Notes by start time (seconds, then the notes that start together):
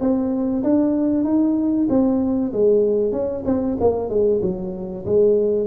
0.00 C4
0.63 D4
1.24 D#4
1.89 C4
2.52 G#3
3.12 C#4
3.45 C4
3.80 A#3
4.09 G#3
4.42 F#3
5.05 G#3